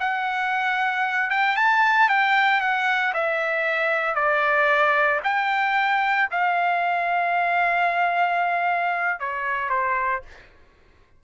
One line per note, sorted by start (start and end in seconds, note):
0.00 1.30 F#5
1.30 1.56 G5
1.56 2.09 A5
2.09 2.61 G5
2.61 3.13 F#5
3.14 4.15 E5
4.15 5.20 D5
5.24 6.29 G5
6.31 9.20 F5
9.20 9.70 C#5
9.70 10.22 C5